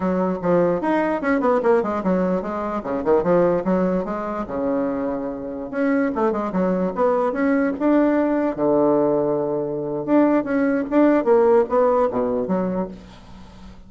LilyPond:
\new Staff \with { instrumentName = "bassoon" } { \time 4/4 \tempo 4 = 149 fis4 f4 dis'4 cis'8 b8 | ais8 gis8 fis4 gis4 cis8 dis8 | f4 fis4 gis4 cis4~ | cis2~ cis16 cis'4 a8 gis16~ |
gis16 fis4 b4 cis'4 d'8.~ | d'4~ d'16 d2~ d8.~ | d4 d'4 cis'4 d'4 | ais4 b4 b,4 fis4 | }